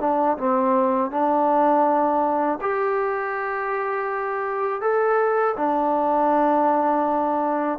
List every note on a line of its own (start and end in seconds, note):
0.00 0.37 D4
0.37 1.10 C4
1.10 2.59 D4
2.61 4.81 G4
4.81 5.55 A4
5.57 7.78 D4